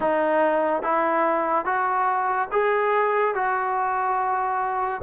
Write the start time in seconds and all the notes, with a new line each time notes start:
0.00 D#4
0.82 E4
1.65 F#4
2.51 G#4
3.34 F#4